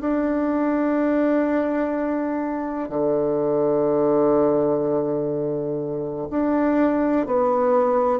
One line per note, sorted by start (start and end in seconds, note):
0.00 2.89 D4
2.89 6.28 D3
6.30 7.26 D4
7.26 8.20 B3